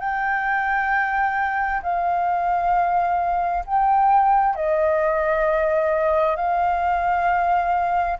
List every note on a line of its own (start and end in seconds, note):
0.00 1.82 G5
1.83 3.65 F5
3.66 4.55 G5
4.55 6.36 D#5
6.36 8.18 F5